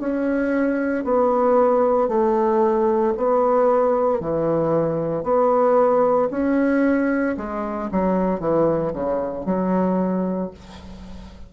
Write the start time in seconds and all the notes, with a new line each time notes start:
0.00 C#4
1.05 B3
2.09 A3
3.17 B3
4.21 E3
5.24 B3
6.31 C#4
7.37 G#3
7.91 F#3
8.40 E3
8.93 C#3
9.46 F#3